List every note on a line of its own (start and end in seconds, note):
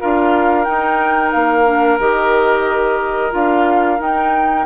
0.00 0.67 D4
0.00 0.65 F4
0.00 4.66 A#4
0.00 0.64 F5
0.64 1.65 D#4
0.64 1.33 D#4
0.64 1.30 G5
1.31 1.99 A#3
1.31 1.98 F5
1.65 1.98 D4
1.99 3.32 D#3
1.99 3.31 G4
1.99 3.32 D#5
3.31 3.99 D4
3.31 3.97 F4
3.31 4.01 F5
3.99 4.66 D#4
3.99 4.66 G5